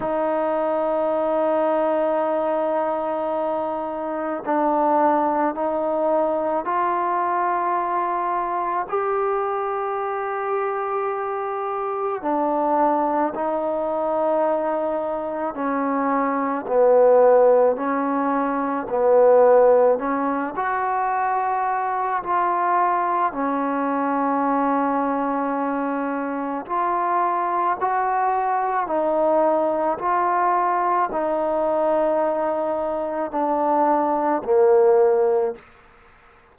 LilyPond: \new Staff \with { instrumentName = "trombone" } { \time 4/4 \tempo 4 = 54 dis'1 | d'4 dis'4 f'2 | g'2. d'4 | dis'2 cis'4 b4 |
cis'4 b4 cis'8 fis'4. | f'4 cis'2. | f'4 fis'4 dis'4 f'4 | dis'2 d'4 ais4 | }